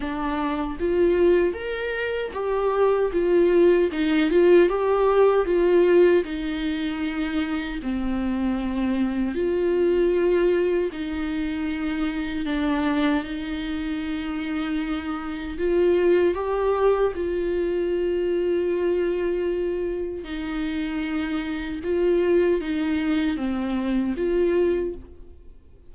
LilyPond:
\new Staff \with { instrumentName = "viola" } { \time 4/4 \tempo 4 = 77 d'4 f'4 ais'4 g'4 | f'4 dis'8 f'8 g'4 f'4 | dis'2 c'2 | f'2 dis'2 |
d'4 dis'2. | f'4 g'4 f'2~ | f'2 dis'2 | f'4 dis'4 c'4 f'4 | }